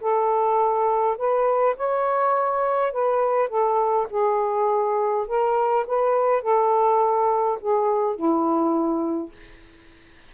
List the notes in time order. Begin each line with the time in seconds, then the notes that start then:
0.00 A4
1.17 B4
1.76 C#5
2.92 B4
3.48 A4
4.10 G#4
5.27 A#4
5.86 B4
6.42 A4
7.60 G#4
8.15 E4